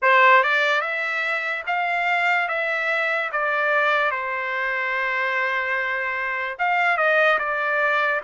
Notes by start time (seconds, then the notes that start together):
0.02 C5
0.43 D5
0.81 E5
1.67 F5
2.48 E5
3.31 D5
4.11 C5
6.59 F5
6.97 D#5
7.38 D5